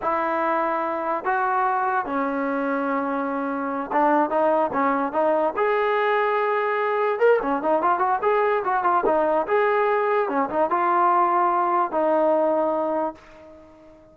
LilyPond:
\new Staff \with { instrumentName = "trombone" } { \time 4/4 \tempo 4 = 146 e'2. fis'4~ | fis'4 cis'2.~ | cis'4. d'4 dis'4 cis'8~ | cis'8 dis'4 gis'2~ gis'8~ |
gis'4. ais'8 cis'8 dis'8 f'8 fis'8 | gis'4 fis'8 f'8 dis'4 gis'4~ | gis'4 cis'8 dis'8 f'2~ | f'4 dis'2. | }